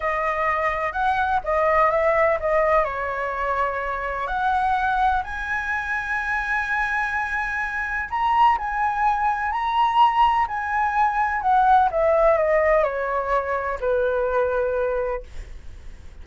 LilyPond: \new Staff \with { instrumentName = "flute" } { \time 4/4 \tempo 4 = 126 dis''2 fis''4 dis''4 | e''4 dis''4 cis''2~ | cis''4 fis''2 gis''4~ | gis''1~ |
gis''4 ais''4 gis''2 | ais''2 gis''2 | fis''4 e''4 dis''4 cis''4~ | cis''4 b'2. | }